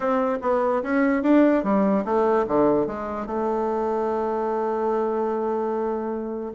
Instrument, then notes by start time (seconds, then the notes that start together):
bassoon
0.00 C4
0.41 B3
0.82 C#4
1.22 D4
1.63 G3
2.04 A3
2.47 D3
2.87 G#3
3.26 A3